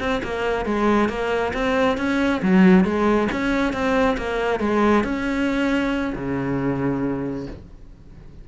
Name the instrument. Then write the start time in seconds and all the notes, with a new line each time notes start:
cello
0.00 C4
0.23 A#3
0.66 G#3
1.09 A#3
1.54 C4
1.98 C#4
2.42 F#3
2.85 G#3
3.32 C#4
3.73 C4
4.18 A#3
4.60 G#3
5.04 C#4
6.15 C#3